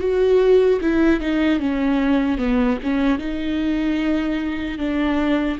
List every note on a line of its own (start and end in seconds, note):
0.00 0.80 F#4
0.81 1.20 E4
1.20 1.60 D#4
1.60 2.38 C#4
2.38 2.78 B3
2.83 3.19 C#4
3.19 4.79 D#4
4.79 5.59 D4